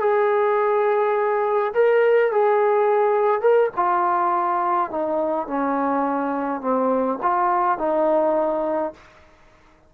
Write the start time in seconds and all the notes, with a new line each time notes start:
0.00 G#4
1.74 A#4
2.32 G#4
3.41 A#4
3.76 F4
4.91 D#4
5.48 C#4
6.61 C4
7.22 F4
7.78 D#4